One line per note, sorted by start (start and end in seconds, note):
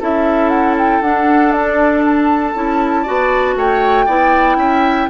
0.00 1.01 C#4
0.00 1.03 E4
0.00 3.03 A4
0.00 0.49 E5
0.49 0.74 F#5
0.77 1.02 G5
1.01 2.53 D4
1.01 2.55 D4
1.01 1.52 F#5
1.52 2.03 D5
2.04 3.57 A5
2.54 3.05 C#4
2.54 3.06 E4
3.03 3.55 B3
3.03 4.07 F#4
3.03 3.53 D5
3.55 4.06 A3
3.55 4.05 C#5
3.55 5.09 G5
4.05 4.56 B3
4.05 5.09 E4
4.05 4.56 D5
4.56 5.07 C#4
4.56 5.09 E5